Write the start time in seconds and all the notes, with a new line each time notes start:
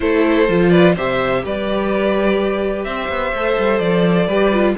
0.00 A3 E4 A4 C5
0.48 F3 F4
0.69 B4 D5
0.95 C3 G4 C5 E5
1.44 G3 B4 D5
2.83 C4 C5 E5
3.08 B3
3.33 A3 A4
3.58 G3
3.79 F3 D5
4.26 G3 G4 B4
4.53 F4